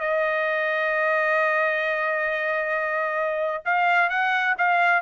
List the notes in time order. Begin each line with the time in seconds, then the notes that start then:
0.00 D#5
3.65 F5
4.10 F#5
4.58 F5